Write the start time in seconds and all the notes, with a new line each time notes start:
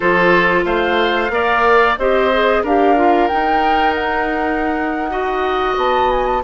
0.00 F3 F4 A4 C5
0.65 A3 C5 F5
1.30 A#3 A#4 D5
1.98 C4 G4 C5 D#5
2.32 G#4
2.62 D4 G4 A#4 F5
2.96 F4
3.27 D#4 G5
3.94 F#5
5.09 F#4 D#5
5.77 B3 A5
6.10 G#5
6.26 A5